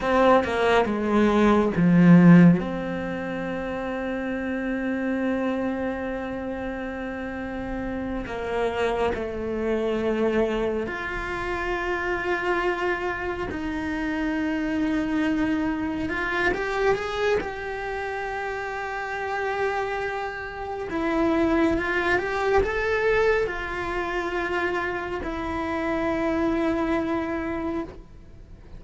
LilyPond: \new Staff \with { instrumentName = "cello" } { \time 4/4 \tempo 4 = 69 c'8 ais8 gis4 f4 c'4~ | c'1~ | c'4. ais4 a4.~ | a8 f'2. dis'8~ |
dis'2~ dis'8 f'8 g'8 gis'8 | g'1 | e'4 f'8 g'8 a'4 f'4~ | f'4 e'2. | }